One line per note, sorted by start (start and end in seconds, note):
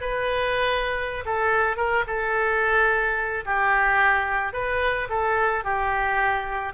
0.00 1.24 B4
1.25 1.76 A4
1.76 2.04 A#4
2.06 3.44 A4
3.45 4.53 G4
4.53 5.08 B4
5.09 5.64 A4
5.64 6.73 G4